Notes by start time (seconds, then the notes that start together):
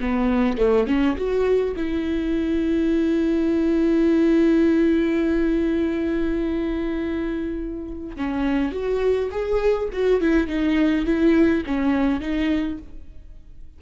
0.00 B3
0.58 A3
0.87 C#4
1.16 F#4
1.76 E4
8.16 C#4
8.72 F#4
9.31 G#4
9.92 F#4
10.20 E4
10.47 D#4
11.05 E4
11.66 C#4
12.20 D#4